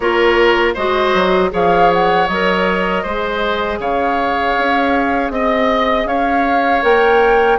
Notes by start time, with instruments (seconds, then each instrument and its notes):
0.00 bassoon A#3, clarinet F4, oboe A#4, flute C#5
0.74 bassoon G#3, clarinet F#4, oboe C5, flute D#5
1.14 bassoon F#3
1.50 bassoon F3, clarinet G#4, oboe C#5, flute F5
1.93 flute F#5
2.27 bassoon F#3, clarinet A#4, flute D#5
3.02 bassoon G#3, clarinet G#4, oboe C5
3.79 bassoon C#3, oboe C#5, flute F5
4.57 bassoon C#4
5.29 bassoon C4, flute D#5, oboe D#5
6.05 bassoon C#4, oboe C#5, flute F5
6.82 bassoon A#3, clarinet A#4, flute G5